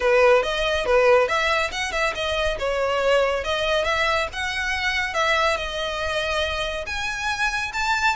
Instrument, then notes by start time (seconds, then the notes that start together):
violin
0.00 B4
0.42 D#5
0.85 B4
1.28 E5
1.71 F#5
1.92 E5
2.14 D#5
2.58 C#5
3.44 D#5
3.84 E5
4.32 F#5
5.14 E5
5.56 D#5
6.86 G#5
7.73 A5